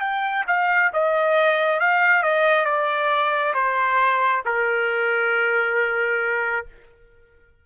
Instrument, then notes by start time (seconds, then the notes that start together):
trumpet
0.00 G5
0.47 F5
0.93 D#5
1.80 F5
2.23 D#5
2.65 D5
3.54 C5
4.45 A#4